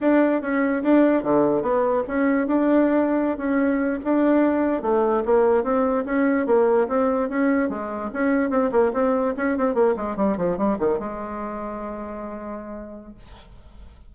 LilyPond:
\new Staff \with { instrumentName = "bassoon" } { \time 4/4 \tempo 4 = 146 d'4 cis'4 d'4 d4 | b4 cis'4 d'2~ | d'16 cis'4. d'2 a16~ | a8. ais4 c'4 cis'4 ais16~ |
ais8. c'4 cis'4 gis4 cis'16~ | cis'8. c'8 ais8 c'4 cis'8 c'8 ais16~ | ais16 gis8 g8 f8 g8 dis8 gis4~ gis16~ | gis1 | }